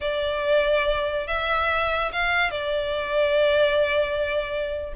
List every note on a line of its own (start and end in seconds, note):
0.00 1.27 D5
1.27 2.11 E5
2.12 2.50 F5
2.50 4.93 D5